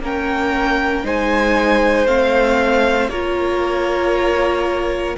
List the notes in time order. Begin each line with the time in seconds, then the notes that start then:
0.00 A#3 C#4 A#4 G5
1.03 G#3 D#4 C5 G#5
2.06 A3 C4 F5
3.08 A#3 F4 A#4 C#5